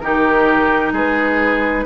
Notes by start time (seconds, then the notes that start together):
0.00 D#3 D#4 G4 A#4
0.93 G#3 G#4 B4